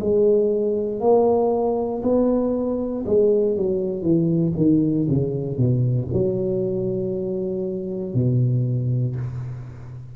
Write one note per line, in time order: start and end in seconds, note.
0.00 1.00 G#3
1.00 2.02 A#3
2.03 3.05 B3
3.06 3.57 G#3
3.57 4.02 F#3
4.02 4.53 E3
4.57 5.08 D#3
5.09 5.57 C#3
5.57 6.08 B2
6.13 8.14 F#3
8.14 9.16 B2